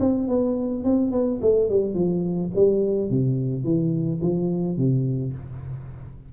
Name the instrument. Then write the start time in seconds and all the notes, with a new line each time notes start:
tuba
0.00 C4
0.28 B3
0.84 C4
1.12 B3
1.41 A3
1.69 G3
1.94 F3
2.55 G3
3.10 C3
3.64 E3
4.21 F3
4.77 C3